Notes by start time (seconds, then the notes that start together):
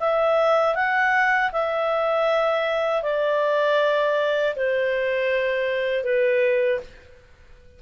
0.00 E5
0.75 F#5
1.52 E5
3.02 D5
4.56 C5
6.04 B4